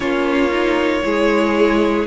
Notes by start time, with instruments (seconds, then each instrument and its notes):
0.00 cello A#3, viola C#4, violin F4 C#5
0.50 viola D#4
1.03 cello G#3, viola E4, violin G#4